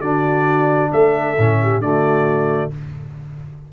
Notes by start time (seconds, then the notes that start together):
0.00 D3 D4 F#4 D5
0.91 A3 A4 E5
1.37 A2 C#4
1.62 G4
1.78 D3 A3 F#4 D5